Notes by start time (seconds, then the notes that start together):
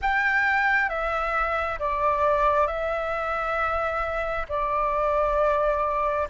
0.01 G5
0.89 E5
1.79 D5
2.67 E5
4.48 D5